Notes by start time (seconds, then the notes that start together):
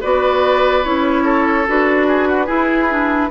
0.00 B3 F#4 B4 D5
0.83 C#4 E4 C#5
1.24 A4
1.67 D4 F#4 B4
2.07 G#4
2.28 F#4
2.45 E4 G#4
2.89 D4